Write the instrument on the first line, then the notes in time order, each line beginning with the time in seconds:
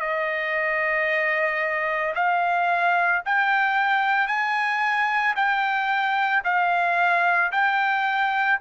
trumpet
0.00 D#5
2.15 F5
3.26 G5
4.28 G#5
5.36 G5
6.44 F5
7.52 G5